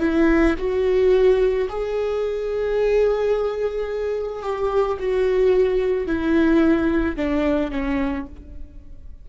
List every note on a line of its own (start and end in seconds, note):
0.00 0.55 E4
0.58 1.68 F#4
1.69 4.43 G#4
4.43 4.98 G4
4.99 6.07 F#4
6.07 7.16 E4
7.16 7.71 D4
7.71 8.26 C#4